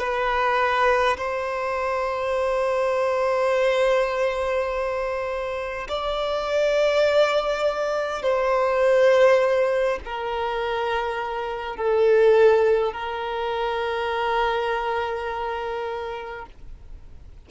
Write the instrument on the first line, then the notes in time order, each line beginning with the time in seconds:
violin
0.00 B4
1.18 C5
5.89 D5
8.23 C5
10.05 A#4
11.77 A4
12.93 A#4